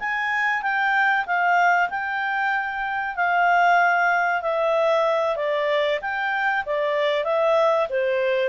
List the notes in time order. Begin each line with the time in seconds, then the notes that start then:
0.00 G#5
0.63 G5
1.27 F5
1.90 G5
3.16 F5
4.42 E5
5.37 D5
6.02 G5
6.66 D5
7.25 E5
7.90 C5